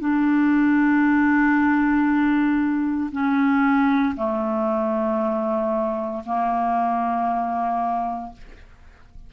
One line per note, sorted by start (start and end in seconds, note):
0.00 3.10 D4
3.12 4.15 C#4
4.17 6.24 A3
6.26 8.33 A#3